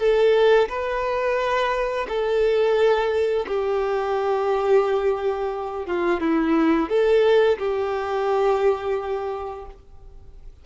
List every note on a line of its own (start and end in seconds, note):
0.00 0.69 A4
0.69 2.07 B4
2.09 3.47 A4
3.48 5.87 G4
5.87 6.21 F4
6.21 6.90 E4
6.90 7.59 A4
7.59 9.66 G4